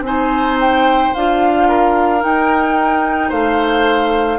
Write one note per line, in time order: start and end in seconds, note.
0.00 1.09 C4
0.00 1.14 D#4
0.00 1.68 C5
0.00 0.58 G#5
0.60 1.14 G5
1.14 2.24 D4
1.14 2.20 F4
1.14 2.22 F5
1.68 3.29 A#4
2.20 4.38 D#4
2.20 3.31 D#4
2.20 3.31 G5
3.29 4.39 A3
3.29 4.38 C5
3.29 4.39 F5